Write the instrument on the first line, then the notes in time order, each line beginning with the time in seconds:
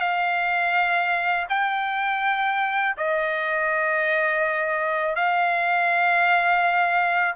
trumpet
0.00 F5
1.49 G5
2.97 D#5
5.16 F5